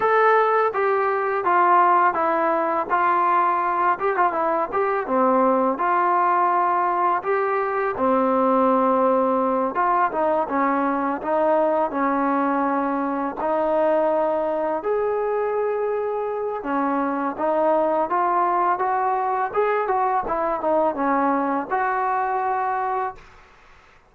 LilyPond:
\new Staff \with { instrumentName = "trombone" } { \time 4/4 \tempo 4 = 83 a'4 g'4 f'4 e'4 | f'4. g'16 f'16 e'8 g'8 c'4 | f'2 g'4 c'4~ | c'4. f'8 dis'8 cis'4 dis'8~ |
dis'8 cis'2 dis'4.~ | dis'8 gis'2~ gis'8 cis'4 | dis'4 f'4 fis'4 gis'8 fis'8 | e'8 dis'8 cis'4 fis'2 | }